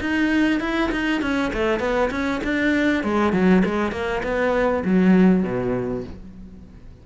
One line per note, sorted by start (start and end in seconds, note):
0.00 0.60 D#4
0.60 0.90 E4
0.91 1.21 D#4
1.21 1.52 C#4
1.53 1.79 A3
1.79 2.10 B3
2.10 2.41 C#4
2.44 3.03 D4
3.03 3.33 G#3
3.33 3.63 F#3
3.65 3.91 G#3
3.91 4.21 A#3
4.23 4.83 B3
4.85 5.43 F#3
5.43 6.03 B2